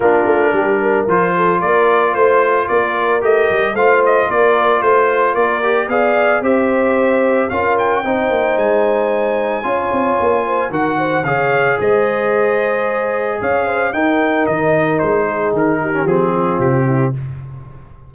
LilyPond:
<<
  \new Staff \with { instrumentName = "trumpet" } { \time 4/4 \tempo 4 = 112 ais'2 c''4 d''4 | c''4 d''4 dis''4 f''8 dis''8 | d''4 c''4 d''4 f''4 | e''2 f''8 g''4. |
gis''1 | fis''4 f''4 dis''2~ | dis''4 f''4 g''4 dis''4 | c''4 ais'4 gis'4 g'4 | }
  \new Staff \with { instrumentName = "horn" } { \time 4/4 f'4 g'8 ais'4 a'8 ais'4 | c''4 ais'2 c''4 | ais'4 c''4 ais'4 d''4 | c''2 ais'4 c''4~ |
c''2 cis''4. c''8 | ais'8 c''8 cis''4 c''2~ | c''4 cis''8 c''8 ais'2~ | ais'8 gis'4 g'4 f'4 e'8 | }
  \new Staff \with { instrumentName = "trombone" } { \time 4/4 d'2 f'2~ | f'2 g'4 f'4~ | f'2~ f'8 g'8 gis'4 | g'2 f'4 dis'4~ |
dis'2 f'2 | fis'4 gis'2.~ | gis'2 dis'2~ | dis'4.~ dis'16 cis'16 c'2 | }
  \new Staff \with { instrumentName = "tuba" } { \time 4/4 ais8 a8 g4 f4 ais4 | a4 ais4 a8 g8 a4 | ais4 a4 ais4 b4 | c'2 cis'4 c'8 ais8 |
gis2 cis'8 c'8 ais4 | dis4 cis4 gis2~ | gis4 cis'4 dis'4 dis4 | gis4 dis4 f4 c4 | }
>>